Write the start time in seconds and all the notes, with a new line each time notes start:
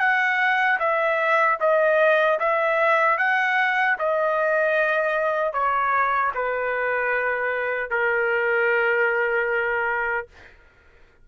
0.00 F#5
0.80 E5
1.60 D#5
2.40 E5
3.18 F#5
3.99 D#5
5.53 C#5
6.35 B4
7.91 A#4